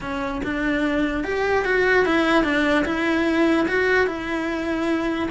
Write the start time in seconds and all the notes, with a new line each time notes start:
0.01 C#4
0.43 D4
1.24 G4
1.64 F#4
2.05 E4
2.43 D4
2.85 E4
3.67 F#4
4.06 E4